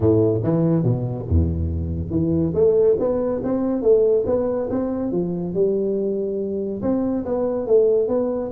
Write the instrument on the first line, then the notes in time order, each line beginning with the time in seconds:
tuba
0.00 A2
0.43 E3
0.83 B2
1.28 E2
2.10 E3
2.54 A3
2.99 B3
3.43 C4
3.81 A3
4.26 B3
4.70 C4
5.11 F3
5.54 G3
6.82 C4
7.25 B3
7.66 A3
8.08 B3